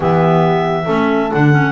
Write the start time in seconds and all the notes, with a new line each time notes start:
0.00 E3 B3 G4 E5
0.85 A3 C#4 A4
1.31 D3 D4 F#5
1.51 C#4